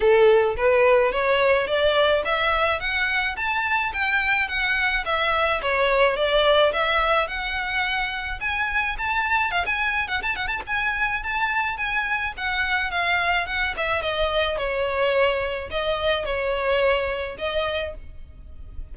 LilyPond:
\new Staff \with { instrumentName = "violin" } { \time 4/4 \tempo 4 = 107 a'4 b'4 cis''4 d''4 | e''4 fis''4 a''4 g''4 | fis''4 e''4 cis''4 d''4 | e''4 fis''2 gis''4 |
a''4 f''16 gis''8. fis''16 a''16 fis''16 a''16 gis''4 | a''4 gis''4 fis''4 f''4 | fis''8 e''8 dis''4 cis''2 | dis''4 cis''2 dis''4 | }